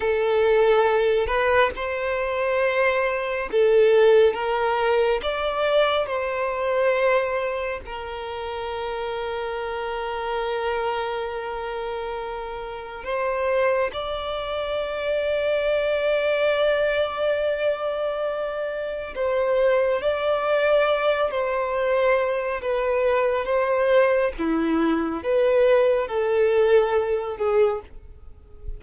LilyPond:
\new Staff \with { instrumentName = "violin" } { \time 4/4 \tempo 4 = 69 a'4. b'8 c''2 | a'4 ais'4 d''4 c''4~ | c''4 ais'2.~ | ais'2. c''4 |
d''1~ | d''2 c''4 d''4~ | d''8 c''4. b'4 c''4 | e'4 b'4 a'4. gis'8 | }